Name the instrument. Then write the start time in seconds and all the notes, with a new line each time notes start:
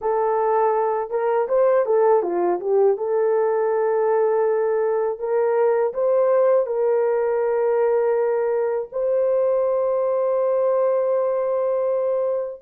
horn
0.01 A4
1.10 A#4
1.48 C5
1.85 A4
2.22 F4
2.60 G4
2.97 A4
5.19 A#4
5.93 C5
6.66 A#4
8.92 C5